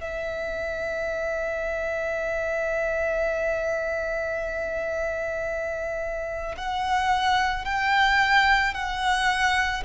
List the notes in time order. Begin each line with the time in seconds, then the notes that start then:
0.00 E5
6.57 F#5
7.65 G5
8.74 F#5